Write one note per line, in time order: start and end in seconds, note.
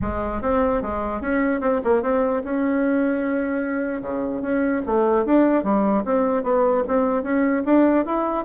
0.01 0.41 G#3
0.41 0.82 C4
0.82 1.21 G#3
1.21 1.61 C#4
1.61 1.81 C4
1.83 2.02 A#3
2.02 2.42 C4
2.43 4.01 C#4
4.01 4.41 C#3
4.41 4.81 C#4
4.86 5.25 A3
5.25 5.63 D4
5.63 6.03 G3
6.04 6.43 C4
6.43 6.83 B3
6.87 7.22 C4
7.22 7.63 C#4
7.65 8.05 D4
8.05 8.44 E4